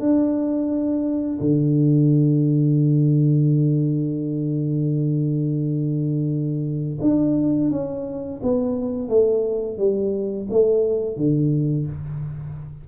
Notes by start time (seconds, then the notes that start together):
0.00 D4
1.40 D3
7.01 D4
7.71 C#4
8.43 B3
9.09 A3
9.78 G3
10.50 A3
11.17 D3